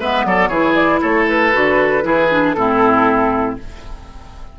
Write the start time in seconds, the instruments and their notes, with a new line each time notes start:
0.00 bassoon G#3, clarinet B3, oboe B4, flute E5
0.25 bassoon F#3, oboe A4, flute D5
0.49 bassoon E3, clarinet E4, oboe G#4, flute C#5
0.75 flute D5
1.02 bassoon A3, oboe A4, flute C#5
1.29 flute B4
1.53 bassoon D3, clarinet F#4
2.03 bassoon E3, clarinet E4, oboe G#4
2.31 clarinet D4
2.54 bassoon A2, clarinet C4, oboe E4, flute A4